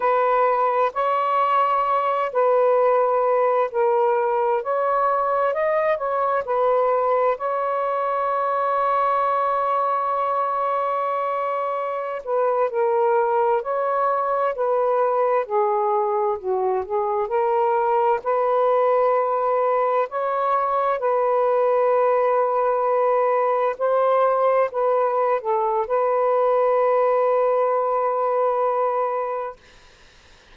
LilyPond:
\new Staff \with { instrumentName = "saxophone" } { \time 4/4 \tempo 4 = 65 b'4 cis''4. b'4. | ais'4 cis''4 dis''8 cis''8 b'4 | cis''1~ | cis''4~ cis''16 b'8 ais'4 cis''4 b'16~ |
b'8. gis'4 fis'8 gis'8 ais'4 b'16~ | b'4.~ b'16 cis''4 b'4~ b'16~ | b'4.~ b'16 c''4 b'8. a'8 | b'1 | }